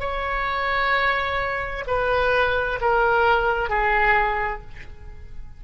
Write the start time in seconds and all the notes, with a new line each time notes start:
0.00 C#5
1.87 B4
2.81 A#4
3.69 G#4